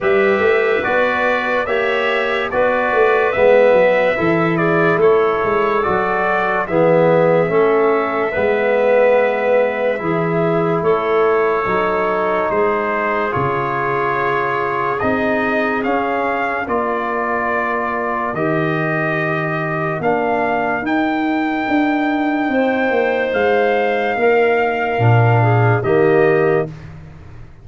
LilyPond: <<
  \new Staff \with { instrumentName = "trumpet" } { \time 4/4 \tempo 4 = 72 e''4 d''4 e''4 d''4 | e''4. d''8 cis''4 d''4 | e''1~ | e''4 cis''2 c''4 |
cis''2 dis''4 f''4 | d''2 dis''2 | f''4 g''2. | f''2. dis''4 | }
  \new Staff \with { instrumentName = "clarinet" } { \time 4/4 b'2 cis''4 b'4~ | b'4 a'8 gis'8 a'2 | gis'4 a'4 b'2 | gis'4 a'2 gis'4~ |
gis'1 | ais'1~ | ais'2. c''4~ | c''4 ais'4. gis'8 g'4 | }
  \new Staff \with { instrumentName = "trombone" } { \time 4/4 g'4 fis'4 g'4 fis'4 | b4 e'2 fis'4 | b4 cis'4 b2 | e'2 dis'2 |
f'2 dis'4 cis'4 | f'2 g'2 | d'4 dis'2.~ | dis'2 d'4 ais4 | }
  \new Staff \with { instrumentName = "tuba" } { \time 4/4 g8 a8 b4 ais4 b8 a8 | gis8 fis8 e4 a8 gis8 fis4 | e4 a4 gis2 | e4 a4 fis4 gis4 |
cis2 c'4 cis'4 | ais2 dis2 | ais4 dis'4 d'4 c'8 ais8 | gis4 ais4 ais,4 dis4 | }
>>